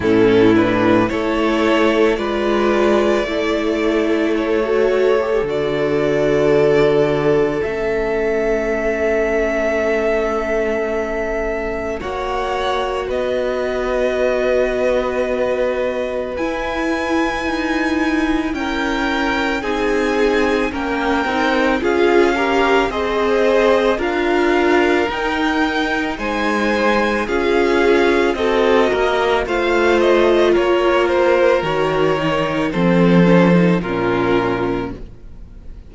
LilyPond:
<<
  \new Staff \with { instrumentName = "violin" } { \time 4/4 \tempo 4 = 55 a'8 b'8 cis''4 d''2 | cis''4 d''2 e''4~ | e''2. fis''4 | dis''2. gis''4~ |
gis''4 g''4 gis''4 g''4 | f''4 dis''4 f''4 g''4 | gis''4 f''4 dis''4 f''8 dis''8 | cis''8 c''8 cis''4 c''4 ais'4 | }
  \new Staff \with { instrumentName = "violin" } { \time 4/4 e'4 a'4 b'4 a'4~ | a'1~ | a'2. cis''4 | b'1~ |
b'4 ais'4 gis'4 ais'4 | gis'8 ais'8 c''4 ais'2 | c''4 gis'4 a'8 ais'8 c''4 | ais'2 a'4 f'4 | }
  \new Staff \with { instrumentName = "viola" } { \time 4/4 cis'8 d'8 e'4 f'4 e'4~ | e'16 fis'8 g'16 fis'2 cis'4~ | cis'2. fis'4~ | fis'2. e'4~ |
e'2 dis'4 cis'8 dis'8 | f'8 g'8 gis'4 f'4 dis'4~ | dis'4 f'4 fis'4 f'4~ | f'4 fis'8 dis'8 c'8 cis'16 dis'16 cis'4 | }
  \new Staff \with { instrumentName = "cello" } { \time 4/4 a,4 a4 gis4 a4~ | a4 d2 a4~ | a2. ais4 | b2. e'4 |
dis'4 cis'4 c'4 ais8 c'8 | cis'4 c'4 d'4 dis'4 | gis4 cis'4 c'8 ais8 a4 | ais4 dis4 f4 ais,4 | }
>>